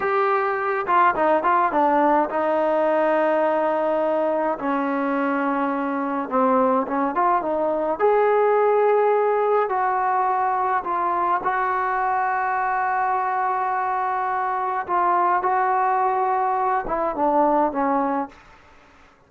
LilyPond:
\new Staff \with { instrumentName = "trombone" } { \time 4/4 \tempo 4 = 105 g'4. f'8 dis'8 f'8 d'4 | dis'1 | cis'2. c'4 | cis'8 f'8 dis'4 gis'2~ |
gis'4 fis'2 f'4 | fis'1~ | fis'2 f'4 fis'4~ | fis'4. e'8 d'4 cis'4 | }